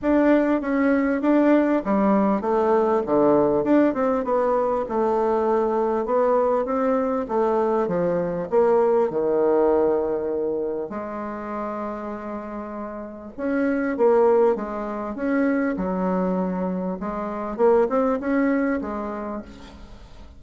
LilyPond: \new Staff \with { instrumentName = "bassoon" } { \time 4/4 \tempo 4 = 99 d'4 cis'4 d'4 g4 | a4 d4 d'8 c'8 b4 | a2 b4 c'4 | a4 f4 ais4 dis4~ |
dis2 gis2~ | gis2 cis'4 ais4 | gis4 cis'4 fis2 | gis4 ais8 c'8 cis'4 gis4 | }